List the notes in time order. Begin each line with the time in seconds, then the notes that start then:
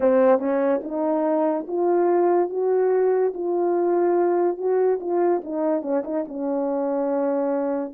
0.00 C4
0.39 C#4
0.83 D#4
1.67 F4
2.49 F#4
3.34 F4
4.57 F#4
5.00 F4
5.44 D#4
5.82 C#4
6.04 D#4
6.28 C#4